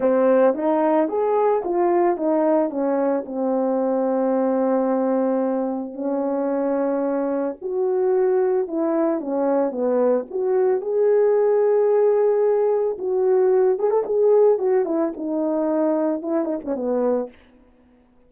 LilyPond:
\new Staff \with { instrumentName = "horn" } { \time 4/4 \tempo 4 = 111 c'4 dis'4 gis'4 f'4 | dis'4 cis'4 c'2~ | c'2. cis'4~ | cis'2 fis'2 |
e'4 cis'4 b4 fis'4 | gis'1 | fis'4. gis'16 a'16 gis'4 fis'8 e'8 | dis'2 e'8 dis'16 cis'16 b4 | }